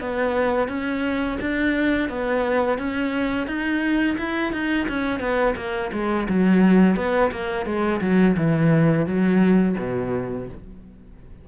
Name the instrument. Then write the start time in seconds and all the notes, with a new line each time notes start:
cello
0.00 B3
0.68 C#4
1.41 D4
2.09 B3
2.78 C#4
3.47 D#4
4.18 E4
4.53 D#4
4.88 C#4
5.20 B3
5.56 A#3
5.92 G#3
6.29 F#3
6.96 B3
7.32 A#3
7.66 G#3
8.01 F#3
8.37 E3
9.06 F#3
9.78 B2